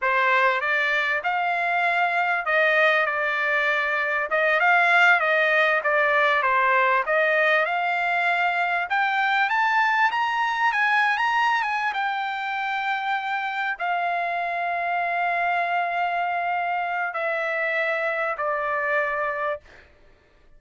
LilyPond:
\new Staff \with { instrumentName = "trumpet" } { \time 4/4 \tempo 4 = 98 c''4 d''4 f''2 | dis''4 d''2 dis''8 f''8~ | f''8 dis''4 d''4 c''4 dis''8~ | dis''8 f''2 g''4 a''8~ |
a''8 ais''4 gis''8. ais''8. gis''8 g''8~ | g''2~ g''8 f''4.~ | f''1 | e''2 d''2 | }